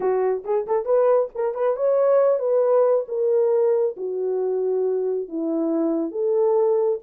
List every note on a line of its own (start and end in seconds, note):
0.00 0.43 F#4
0.44 0.66 G#4
0.66 0.85 A4
0.85 1.29 B4
1.34 1.54 A#4
1.54 1.76 B4
1.76 2.39 C#5
2.39 3.05 B4
3.08 3.95 A#4
3.96 5.28 F#4
5.28 6.11 E4
6.11 6.99 A4